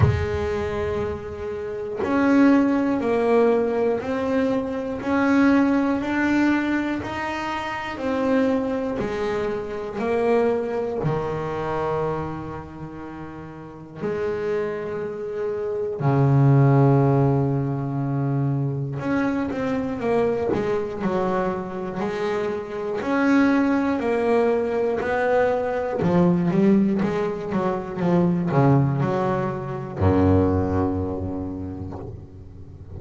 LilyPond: \new Staff \with { instrumentName = "double bass" } { \time 4/4 \tempo 4 = 60 gis2 cis'4 ais4 | c'4 cis'4 d'4 dis'4 | c'4 gis4 ais4 dis4~ | dis2 gis2 |
cis2. cis'8 c'8 | ais8 gis8 fis4 gis4 cis'4 | ais4 b4 f8 g8 gis8 fis8 | f8 cis8 fis4 fis,2 | }